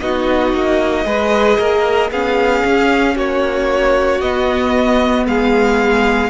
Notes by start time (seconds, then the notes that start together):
0.00 B3 D#4 F#4 D#5
0.53 A#3
1.05 G#3 G#4 B4
1.58 A#3 A#4
2.10 B3 C#4 G#4 F5
2.64 C#4
3.15 A#3 F#4 C#5
4.20 B3 D#5
5.26 G#3 G#4 F5